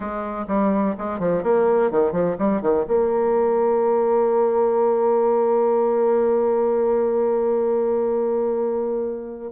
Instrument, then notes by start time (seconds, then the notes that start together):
bassoon
0.00 G#3
0.47 G3
0.98 G#3
1.19 F3
1.43 A#3
1.90 D#3
2.12 F3
2.38 G3
2.61 D#3
2.87 A#3